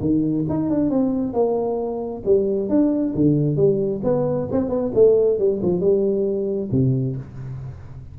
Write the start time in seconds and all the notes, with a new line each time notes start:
0.00 D#3
0.49 D#4
0.70 D4
0.90 C4
1.33 A#3
2.25 G3
2.69 D4
3.14 D3
3.56 G3
4.03 B3
4.51 C4
4.69 B3
4.94 A3
5.38 G3
5.62 F3
5.80 G3
6.71 C3